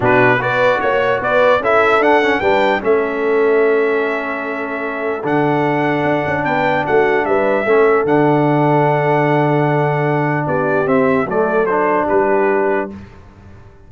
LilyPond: <<
  \new Staff \with { instrumentName = "trumpet" } { \time 4/4 \tempo 4 = 149 b'4 d''4 cis''4 d''4 | e''4 fis''4 g''4 e''4~ | e''1~ | e''4 fis''2. |
g''4 fis''4 e''2 | fis''1~ | fis''2 d''4 e''4 | d''4 c''4 b'2 | }
  \new Staff \with { instrumentName = "horn" } { \time 4/4 fis'4 b'4 cis''4 b'4 | a'2 b'4 a'4~ | a'1~ | a'1 |
b'4 fis'4 b'4 a'4~ | a'1~ | a'2 g'2 | a'2 g'2 | }
  \new Staff \with { instrumentName = "trombone" } { \time 4/4 d'4 fis'2. | e'4 d'8 cis'8 d'4 cis'4~ | cis'1~ | cis'4 d'2.~ |
d'2. cis'4 | d'1~ | d'2. c'4 | a4 d'2. | }
  \new Staff \with { instrumentName = "tuba" } { \time 4/4 b,4 b4 ais4 b4 | cis'4 d'4 g4 a4~ | a1~ | a4 d2 d'8 cis'8 |
b4 a4 g4 a4 | d1~ | d2 b4 c'4 | fis2 g2 | }
>>